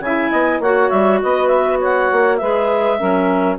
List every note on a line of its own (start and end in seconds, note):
0.00 0.30 C#3
0.00 0.63 E4
0.00 0.31 E5
0.00 0.61 G#5
0.31 0.59 B3
0.31 0.60 D#5
0.59 0.89 A#3
0.59 2.41 F#4
0.59 1.20 C#5
0.59 0.89 F#5
0.89 1.21 G3
0.89 1.19 E5
1.22 2.11 B3
1.22 1.78 B4
1.22 1.47 D#5
1.47 1.77 E5
1.78 2.38 C#5
1.78 2.37 F#5
2.11 2.41 A#3
2.37 3.01 G#3
2.37 2.98 G#4
2.37 2.98 B4
2.37 3.55 E5
2.98 3.58 F#3
2.98 3.57 C#4
2.98 3.57 A#4